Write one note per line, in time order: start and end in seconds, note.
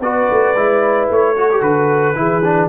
0.00 0.27 B3
0.00 0.56 F#4
0.00 1.36 B4
0.00 1.09 D5
0.30 0.55 A3
0.55 1.09 G#3
0.55 1.36 E4
1.09 1.61 A3
1.09 1.62 C#5
1.37 1.51 F#4
1.37 2.18 A4
1.51 1.61 G4
1.61 2.15 D3
1.61 2.15 F#4
1.61 2.69 B4
2.15 2.69 E3
2.15 2.42 E4
2.15 2.69 G#4
2.44 2.69 D4